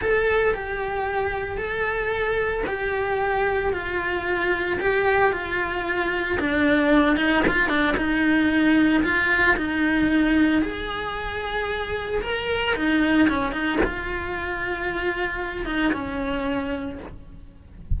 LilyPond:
\new Staff \with { instrumentName = "cello" } { \time 4/4 \tempo 4 = 113 a'4 g'2 a'4~ | a'4 g'2 f'4~ | f'4 g'4 f'2 | d'4. dis'8 f'8 d'8 dis'4~ |
dis'4 f'4 dis'2 | gis'2. ais'4 | dis'4 cis'8 dis'8 f'2~ | f'4. dis'8 cis'2 | }